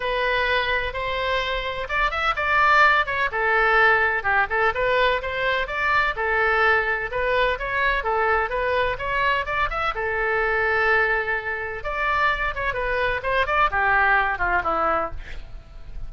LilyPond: \new Staff \with { instrumentName = "oboe" } { \time 4/4 \tempo 4 = 127 b'2 c''2 | d''8 e''8 d''4. cis''8 a'4~ | a'4 g'8 a'8 b'4 c''4 | d''4 a'2 b'4 |
cis''4 a'4 b'4 cis''4 | d''8 e''8 a'2.~ | a'4 d''4. cis''8 b'4 | c''8 d''8 g'4. f'8 e'4 | }